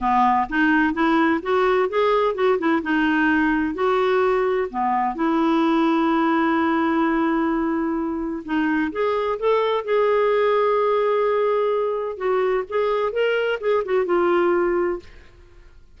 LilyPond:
\new Staff \with { instrumentName = "clarinet" } { \time 4/4 \tempo 4 = 128 b4 dis'4 e'4 fis'4 | gis'4 fis'8 e'8 dis'2 | fis'2 b4 e'4~ | e'1~ |
e'2 dis'4 gis'4 | a'4 gis'2.~ | gis'2 fis'4 gis'4 | ais'4 gis'8 fis'8 f'2 | }